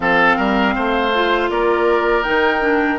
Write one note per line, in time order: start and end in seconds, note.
0.00 0.36 F3
0.00 1.12 C4
0.00 0.36 A4
0.00 1.50 F5
0.36 0.75 G3
0.36 0.74 A#4
0.75 1.49 A3
0.75 1.50 C5
1.14 2.24 F4
1.49 2.24 A#3
1.49 2.99 A#4
1.49 2.23 D5
2.23 2.99 D#3
2.23 2.60 D#4
2.23 2.98 G5
2.60 2.98 D4